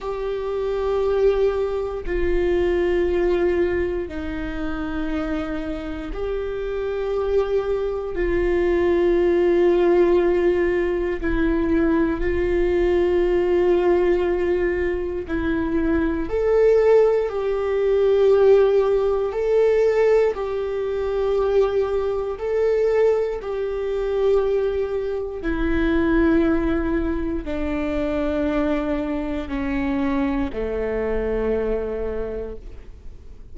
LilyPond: \new Staff \with { instrumentName = "viola" } { \time 4/4 \tempo 4 = 59 g'2 f'2 | dis'2 g'2 | f'2. e'4 | f'2. e'4 |
a'4 g'2 a'4 | g'2 a'4 g'4~ | g'4 e'2 d'4~ | d'4 cis'4 a2 | }